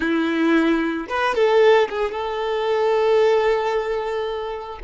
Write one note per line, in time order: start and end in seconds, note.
0.00 1.07 E4
1.09 1.34 B4
1.34 1.88 A4
1.89 2.11 G#4
2.11 4.78 A4